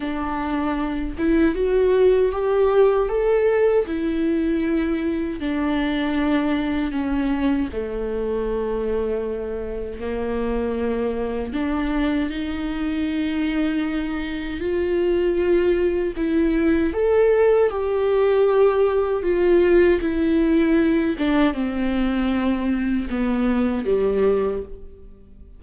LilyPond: \new Staff \with { instrumentName = "viola" } { \time 4/4 \tempo 4 = 78 d'4. e'8 fis'4 g'4 | a'4 e'2 d'4~ | d'4 cis'4 a2~ | a4 ais2 d'4 |
dis'2. f'4~ | f'4 e'4 a'4 g'4~ | g'4 f'4 e'4. d'8 | c'2 b4 g4 | }